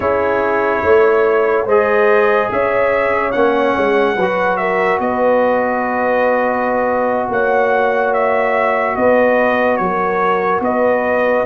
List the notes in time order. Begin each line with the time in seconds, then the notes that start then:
0.00 C#4 E4 G#4 C#5
0.82 A3 C#5
1.65 G#3 G#4 C5 D#5
2.51 C#4 C#5 E5
3.31 A#3 C#4 F#5
3.77 G#3
4.16 F#3 F#4 B4
4.56 A#4 E5
4.99 B3 B4 D#5
7.28 A#3 C#5 F#5
8.13 E5
8.95 B3 B4 D#5
9.76 F#3 A#4 C#5
10.60 B3 B4 D#5